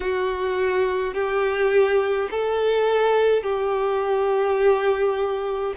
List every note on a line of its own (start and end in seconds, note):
0.00 1.13 F#4
1.13 2.29 G4
2.31 3.42 A4
3.42 5.73 G4